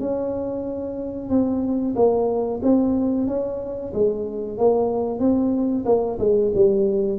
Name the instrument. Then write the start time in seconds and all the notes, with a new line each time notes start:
tuba
0.00 C#4
1.30 C4
1.96 A#3
2.63 C4
3.28 C#4
3.94 G#3
4.58 A#3
5.19 C4
5.86 A#3
6.19 G#3
6.55 G3